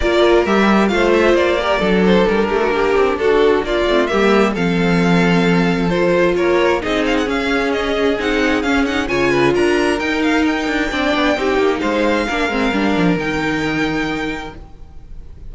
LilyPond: <<
  \new Staff \with { instrumentName = "violin" } { \time 4/4 \tempo 4 = 132 d''4 e''4 f''8 e''8 d''4~ | d''8 c''8 ais'2 a'4 | d''4 e''4 f''2~ | f''4 c''4 cis''4 dis''8 f''16 fis''16 |
f''4 dis''4 fis''4 f''8 fis''8 | gis''4 ais''4 g''8 f''8 g''4~ | g''2 f''2~ | f''4 g''2. | }
  \new Staff \with { instrumentName = "violin" } { \time 4/4 ais'2 c''4. ais'8 | a'4. g'16 fis'16 g'4 fis'4 | f'4 g'4 a'2~ | a'2 ais'4 gis'4~ |
gis'1 | cis''8 b'8 ais'2. | d''4 g'4 c''4 ais'4~ | ais'1 | }
  \new Staff \with { instrumentName = "viola" } { \time 4/4 f'4 g'4 f'4. g'8 | d'1~ | d'8 c'8 ais4 c'2~ | c'4 f'2 dis'4 |
cis'2 dis'4 cis'8 dis'8 | f'2 dis'2 | d'4 dis'2 d'8 c'8 | d'4 dis'2. | }
  \new Staff \with { instrumentName = "cello" } { \time 4/4 ais4 g4 a4 ais4 | fis4 g8 a8 ais8 c'8 d'4 | ais8 a8 g4 f2~ | f2 ais4 c'4 |
cis'2 c'4 cis'4 | cis4 d'4 dis'4. d'8 | c'8 b8 c'8 ais8 gis4 ais8 gis8 | g8 f8 dis2. | }
>>